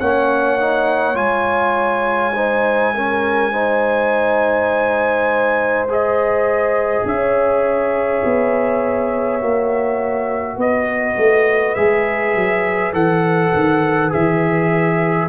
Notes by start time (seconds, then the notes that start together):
0.00 A#3 C#4 C#5 F#5
0.60 D#4
1.14 G#3 F4 G#5
2.35 D#4 C5
2.94 C#4 A#4
3.52 D#4 C5
5.89 G#4 D#5
7.05 C#4 C#5 E5
8.25 B3
9.41 A#3 F#4
10.57 B3 B4 D#5
11.17 A3
11.75 G#3 G#4 E5
12.35 F#3
12.93 E3 A4 F#5
13.54 D#3
14.09 E3 G#4 E5